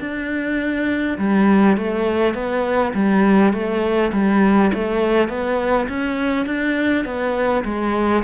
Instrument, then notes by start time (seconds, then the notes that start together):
cello
0.00 D4
1.18 G3
1.77 A3
2.34 B3
2.94 G3
3.53 A3
4.12 G3
4.74 A3
5.28 B3
5.88 C#4
6.46 D4
7.05 B3
7.65 G#3